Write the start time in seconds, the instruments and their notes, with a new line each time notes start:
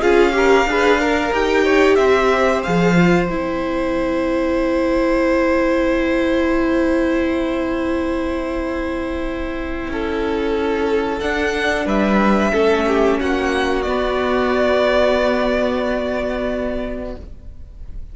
0.00 cello C#4, viola F4, violin G#4 F5
0.32 viola G4, violin A#4
0.65 cello D4, viola G#4, violin B4
1.00 viola A#4, violin A#4
1.32 cello D#4, viola G4, violin G5
1.64 violin C#5
1.95 cello C4, violin C5 E5
2.63 cello F3, viola G#4, violin F5
2.95 viola F4
3.28 cello C4, viola E4, violin G5
9.88 cello C#4, violin A4
11.20 cello D4, viola D4, violin F#5
11.85 cello G3, violin B4 E5
12.52 cello A3, viola C#4, violin A4
12.87 violin G4
13.20 cello A#3, violin F#4 F#5
13.82 cello B3, viola B3, violin D5